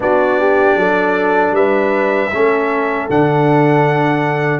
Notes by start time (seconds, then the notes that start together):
0.00 B3 D4 F#4 D5
0.40 G4
0.75 F#3 A4
1.51 G3 B4 E5
2.31 A3 C#4 A4
3.09 D3 D4 F#5